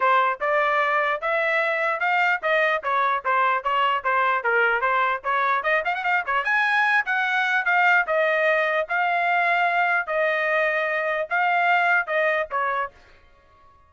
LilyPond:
\new Staff \with { instrumentName = "trumpet" } { \time 4/4 \tempo 4 = 149 c''4 d''2 e''4~ | e''4 f''4 dis''4 cis''4 | c''4 cis''4 c''4 ais'4 | c''4 cis''4 dis''8 f''16 fis''16 f''8 cis''8 |
gis''4. fis''4. f''4 | dis''2 f''2~ | f''4 dis''2. | f''2 dis''4 cis''4 | }